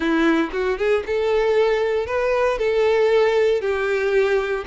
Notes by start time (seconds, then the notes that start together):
0.00 E4
0.52 F#4
0.78 G#4
1.06 A4
2.06 B4
2.58 A4
3.61 G4